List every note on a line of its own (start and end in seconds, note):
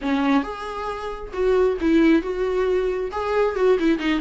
0.01 0.43 C#4
0.43 1.32 G#4
1.33 1.77 F#4
1.80 2.22 E4
2.22 3.11 F#4
3.11 3.55 G#4
3.55 3.78 F#4
3.79 3.99 E4
3.99 4.20 D#4